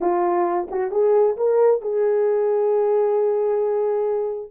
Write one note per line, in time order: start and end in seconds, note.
0.00 0.68 F4
0.70 0.91 F#4
0.91 1.36 G#4
1.36 1.81 A#4
1.81 4.51 G#4